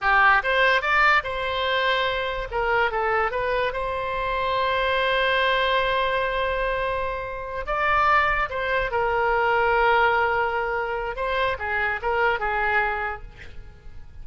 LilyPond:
\new Staff \with { instrumentName = "oboe" } { \time 4/4 \tempo 4 = 145 g'4 c''4 d''4 c''4~ | c''2 ais'4 a'4 | b'4 c''2.~ | c''1~ |
c''2~ c''8 d''4.~ | d''8 c''4 ais'2~ ais'8~ | ais'2. c''4 | gis'4 ais'4 gis'2 | }